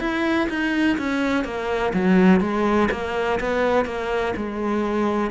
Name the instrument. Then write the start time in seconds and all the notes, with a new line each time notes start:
cello
0.00 E4
0.49 D#4
0.98 C#4
1.44 A#3
1.94 F#3
2.40 G#3
2.91 A#3
3.40 B3
3.85 A#3
4.36 G#3